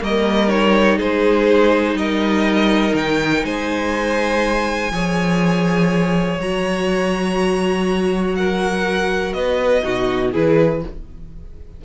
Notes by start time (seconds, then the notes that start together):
0.00 G3 A#3 A#4 D#5
0.48 D#4 C#5
0.97 G#3 G#4 C5
1.94 G3 A#4 D#5
2.94 D#3 G5
3.44 G#3 C5 G#5
4.91 F3 G#4 C#5
6.39 F#3 F#4 A#5
8.35 A#4 F#5
9.33 B3 B4 D#5
9.82 B2 D#4 F#4
10.32 E3 E4 G#4 B4